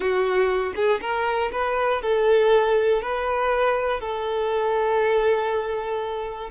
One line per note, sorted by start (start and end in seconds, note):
0.00 0.73 F#4
0.75 1.00 G#4
1.01 1.51 A#4
1.52 2.01 B4
2.01 3.01 A4
3.02 4.00 B4
4.00 6.50 A4